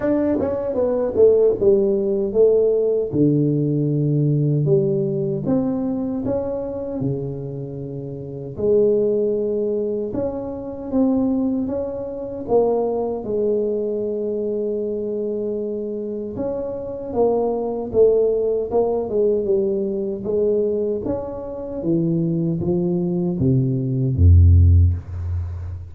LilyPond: \new Staff \with { instrumentName = "tuba" } { \time 4/4 \tempo 4 = 77 d'8 cis'8 b8 a8 g4 a4 | d2 g4 c'4 | cis'4 cis2 gis4~ | gis4 cis'4 c'4 cis'4 |
ais4 gis2.~ | gis4 cis'4 ais4 a4 | ais8 gis8 g4 gis4 cis'4 | e4 f4 c4 f,4 | }